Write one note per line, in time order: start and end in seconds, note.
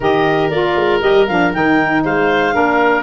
0.00 0.50 D#3
0.00 0.52 G4
0.00 2.03 A#4
0.00 0.49 D#5
0.49 0.75 A#3
0.49 1.01 F4
0.49 1.00 D5
0.75 1.01 G#3
1.01 1.28 G3
1.01 1.26 G4
1.01 1.27 D#5
1.27 1.54 F3
1.27 1.54 D4
1.27 1.52 F5
1.53 2.04 D#3
1.53 2.52 D#4
1.53 2.04 G5
2.04 2.55 G#3
2.04 2.54 C5
2.04 3.03 F5
2.52 3.03 A#3
2.52 3.03 D4
2.52 3.03 A#4